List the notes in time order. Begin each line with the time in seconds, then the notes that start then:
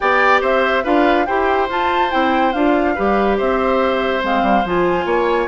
0.00 B3 G4 D5 G5
0.41 C4 C5 E5
0.83 D4 F4 B4 F5
1.26 E4 G4 C5 G5
1.68 F4 A5
2.10 C4 E4 G5
2.52 D4 F4 F5
2.95 G3 G4 B4
3.37 C4 C5 E5
4.21 G#3 C4 F5
4.42 G3
4.64 F3 F4 G#5
5.05 A#3 C#5